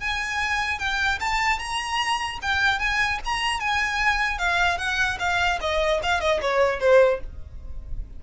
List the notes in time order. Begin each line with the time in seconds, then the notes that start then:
0.00 G#5
0.79 G5
1.20 A5
1.59 A#5
2.42 G5
2.79 G#5
3.25 A#5
3.60 G#5
4.39 F5
4.78 F#5
5.19 F5
5.61 D#5
6.03 F5
6.21 D#5
6.41 C#5
6.80 C5